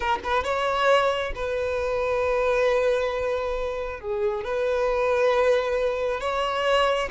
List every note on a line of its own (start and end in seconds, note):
0.00 0.19 A#4
0.23 0.44 B4
0.44 1.33 C#5
1.35 4.00 B4
4.00 4.43 G#4
4.43 6.20 B4
6.20 7.09 C#5